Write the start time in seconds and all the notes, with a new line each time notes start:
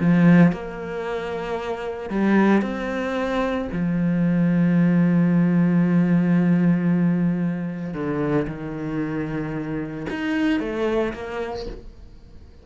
0.00 F3
0.52 A#3
2.10 G3
2.62 C4
3.73 F3
7.94 D3
8.47 D#3
10.10 D#4
10.60 A3
11.14 A#3